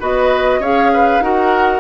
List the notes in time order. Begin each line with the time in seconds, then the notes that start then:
0.00 B3 F#4 B4 D#5
0.59 C#4 G#4 C#5 F5
0.93 B4
1.20 D#4 F#4 A#4 F#5